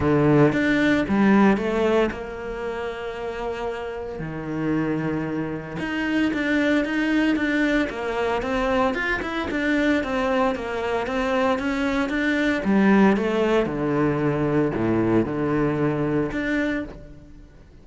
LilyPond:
\new Staff \with { instrumentName = "cello" } { \time 4/4 \tempo 4 = 114 d4 d'4 g4 a4 | ais1 | dis2. dis'4 | d'4 dis'4 d'4 ais4 |
c'4 f'8 e'8 d'4 c'4 | ais4 c'4 cis'4 d'4 | g4 a4 d2 | a,4 d2 d'4 | }